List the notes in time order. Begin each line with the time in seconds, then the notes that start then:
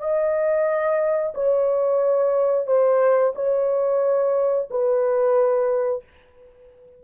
0.00 D#5
1.35 C#5
2.67 C5
3.35 C#5
4.70 B4